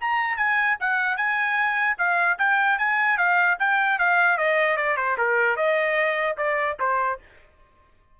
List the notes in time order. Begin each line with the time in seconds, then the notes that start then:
0.00 A#5
0.37 G#5
0.80 F#5
1.17 G#5
1.98 F5
2.38 G5
2.78 G#5
3.17 F5
3.59 G5
3.99 F5
4.37 D#5
4.77 D5
4.97 C5
5.17 A#4
5.56 D#5
6.37 D5
6.79 C5